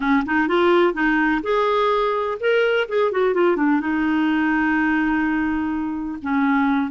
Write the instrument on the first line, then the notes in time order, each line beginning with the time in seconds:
clarinet
0.00 C#4
0.25 D#4
0.47 F4
0.93 D#4
1.43 G#4
2.40 A#4
2.88 G#4
3.11 F#4
3.34 F4
3.56 D4
3.80 D#4
6.21 C#4